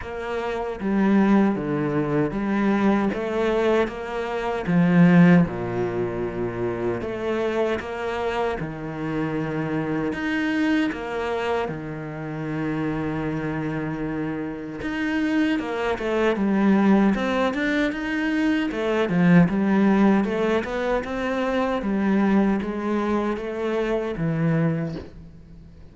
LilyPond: \new Staff \with { instrumentName = "cello" } { \time 4/4 \tempo 4 = 77 ais4 g4 d4 g4 | a4 ais4 f4 ais,4~ | ais,4 a4 ais4 dis4~ | dis4 dis'4 ais4 dis4~ |
dis2. dis'4 | ais8 a8 g4 c'8 d'8 dis'4 | a8 f8 g4 a8 b8 c'4 | g4 gis4 a4 e4 | }